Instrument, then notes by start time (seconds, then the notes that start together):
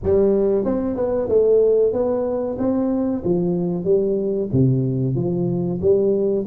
tuba
0.03 G3
0.65 C4
0.96 B3
1.28 A3
1.92 B3
2.58 C4
3.24 F3
3.84 G3
4.52 C3
5.15 F3
5.81 G3